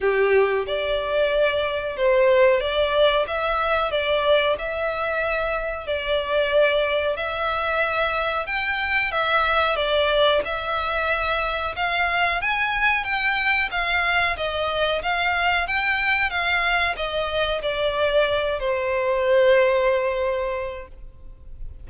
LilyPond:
\new Staff \with { instrumentName = "violin" } { \time 4/4 \tempo 4 = 92 g'4 d''2 c''4 | d''4 e''4 d''4 e''4~ | e''4 d''2 e''4~ | e''4 g''4 e''4 d''4 |
e''2 f''4 gis''4 | g''4 f''4 dis''4 f''4 | g''4 f''4 dis''4 d''4~ | d''8 c''2.~ c''8 | }